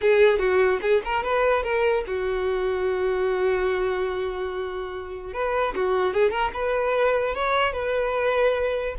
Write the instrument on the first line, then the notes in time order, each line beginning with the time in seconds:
violin
0.01 G#4
0.38 F#4
0.81 G#4
1.04 A#4
1.23 B4
1.63 A#4
2.06 F#4
5.33 B4
5.75 F#4
6.13 G#4
6.31 A#4
6.53 B4
7.35 C#5
7.73 B4